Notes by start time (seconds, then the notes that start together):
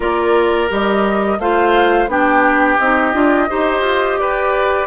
0.00 A#3 F4 A#4 D5
0.68 G3 G4 D#5
1.39 A3 F4 C5 F5
2.07 B3 D4 G4 G5
2.78 C4 D#4 D#5
3.13 D4 F4
3.49 D#4 G4 C5
3.81 F4
4.18 G4 B4 D5